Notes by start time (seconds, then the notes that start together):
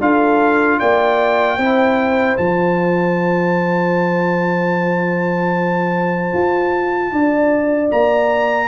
0.00 D4 F4 A4 F5
0.79 A#3 D5 G5
1.57 C4 E4 C5
2.37 F3 F4 A5
6.33 F4
7.12 D4 D5
7.91 A#3 A#5